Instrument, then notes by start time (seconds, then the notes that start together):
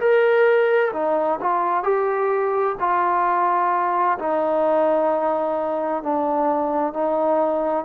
trombone
0.00 A#4
0.94 D#4
1.41 F4
1.84 G4
2.80 F4
4.19 D#4
6.03 D4
6.94 D#4